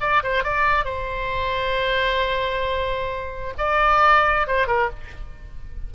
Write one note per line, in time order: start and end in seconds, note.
0.00 0.22 D5
0.23 0.43 C5
0.43 0.84 D5
0.84 3.53 C5
3.58 4.47 D5
4.47 4.67 C5
4.67 4.89 A#4